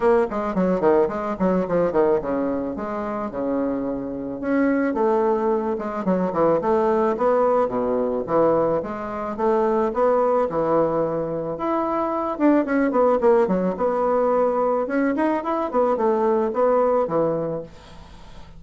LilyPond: \new Staff \with { instrumentName = "bassoon" } { \time 4/4 \tempo 4 = 109 ais8 gis8 fis8 dis8 gis8 fis8 f8 dis8 | cis4 gis4 cis2 | cis'4 a4. gis8 fis8 e8 | a4 b4 b,4 e4 |
gis4 a4 b4 e4~ | e4 e'4. d'8 cis'8 b8 | ais8 fis8 b2 cis'8 dis'8 | e'8 b8 a4 b4 e4 | }